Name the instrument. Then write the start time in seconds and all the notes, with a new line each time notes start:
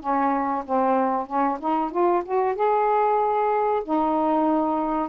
saxophone
0.00 C#4
0.65 C4
1.26 C#4
1.60 D#4
1.91 F4
2.25 F#4
2.55 G#4
3.84 D#4